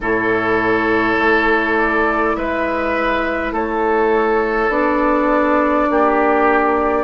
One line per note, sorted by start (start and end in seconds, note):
0.00 1.18 A2
0.00 4.70 E4
0.00 2.36 A4
0.00 1.77 C#5
1.18 2.35 A3
1.77 2.36 D5
2.36 3.51 G#3
2.36 3.52 B4
2.36 3.53 E5
3.51 4.69 A3
3.51 5.88 A4
3.51 4.71 C#5
4.69 5.86 B3
4.69 7.04 D4
4.69 7.04 D5
5.89 7.04 A#3
5.89 7.04 G4